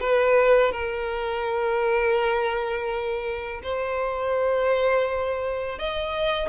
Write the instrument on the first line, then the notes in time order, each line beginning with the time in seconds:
violin
0.00 B4
0.72 A#4
3.63 C5
5.78 D#5